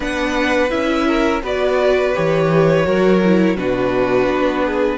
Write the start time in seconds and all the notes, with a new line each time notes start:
0.00 B3 D4 B4 F#5
0.69 C#4 E4 E5
1.06 A#4
1.42 B3 F#4 B4 D5
2.14 E3 G4 C#5
2.83 F#3 F#4 A#4
3.24 E4
3.56 B2 D4 F#4 B4
4.27 B3
4.65 G#4